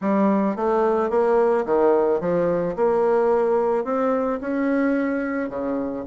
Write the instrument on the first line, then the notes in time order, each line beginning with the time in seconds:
bassoon
0.01 G3
0.56 A3
1.10 A#3
1.65 D#3
2.20 F3
2.76 A#3
3.84 C4
4.40 C#4
5.49 C#3